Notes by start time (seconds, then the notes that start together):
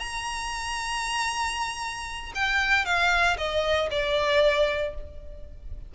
0.00 A#5
2.35 G5
2.85 F5
3.38 D#5
3.91 D5